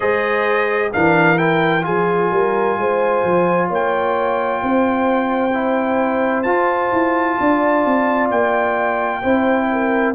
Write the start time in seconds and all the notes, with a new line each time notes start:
0.00 G#3 G#4 C5 D#5
0.92 E3 D4 A#4 F5
1.37 E4 G5
1.81 F3 F4 G#4 G#5
2.31 G3 A#4
2.77 G#3 C5
3.23 F3
3.68 A#3 C#5 G5
4.62 C4 C5
5.53 E4
6.42 F4 A5
6.92 E4
7.39 D4 D5
7.85 C4
8.30 A#3 G5
9.21 C4 E4 C5
9.72 A#4